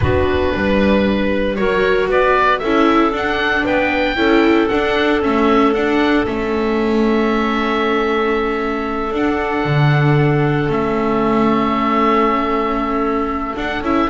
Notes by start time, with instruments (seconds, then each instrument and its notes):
0.00 double bass B3, viola D4, clarinet F#4, oboe B4
0.54 double bass G3, clarinet B4
1.55 double bass F#3, viola F#4, clarinet A#4, oboe C#5
2.08 double bass B3, clarinet B4, oboe D5
2.59 double bass C#4, clarinet A4, oboe E5
2.65 viola E4
3.11 double bass D4, viola D4, oboe F#5
3.64 double bass B3, clarinet B4, oboe G5
4.16 double bass C#4, viola E4, clarinet A4
4.68 viola D4, double bass D4, oboe F#5
5.21 double bass A3, viola C#4, oboe E5
5.73 double bass D4, viola D4, oboe F#5
6.25 double bass A3, viola C#4, oboe E5
9.11 double bass D4, viola D4, oboe F#5
9.64 double bass D3
10.68 double bass A3, viola C#4, oboe E5
13.55 viola D4, double bass D4, oboe F#5
13.81 double bass C#4, viola E4, oboe E5